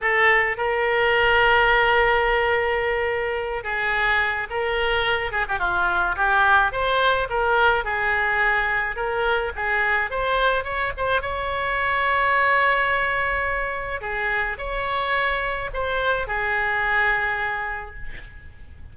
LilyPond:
\new Staff \with { instrumentName = "oboe" } { \time 4/4 \tempo 4 = 107 a'4 ais'2.~ | ais'2~ ais'8 gis'4. | ais'4. gis'16 g'16 f'4 g'4 | c''4 ais'4 gis'2 |
ais'4 gis'4 c''4 cis''8 c''8 | cis''1~ | cis''4 gis'4 cis''2 | c''4 gis'2. | }